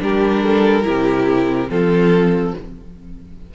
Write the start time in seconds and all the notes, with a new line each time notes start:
0.00 G3 D4 G4 A#4
0.44 A4
0.83 C3 E4 G4
1.69 F3 C4 F4 A4